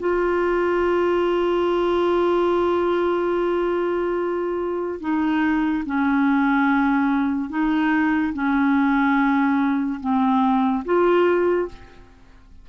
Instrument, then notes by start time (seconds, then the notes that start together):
clarinet
0.00 F4
5.00 D#4
5.86 C#4
7.50 D#4
8.33 C#4
10.00 C4
10.85 F4